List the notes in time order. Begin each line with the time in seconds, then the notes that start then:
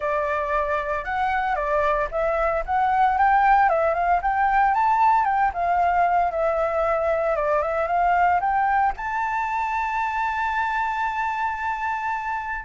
0.00 D5
1.04 F#5
1.55 D5
2.11 E5
2.65 F#5
3.17 G5
3.69 E5
3.94 F5
4.22 G5
4.74 A5
5.25 G5
5.53 F5
6.31 E5
7.35 D5
7.62 E5
7.87 F5
8.40 G5
8.96 A5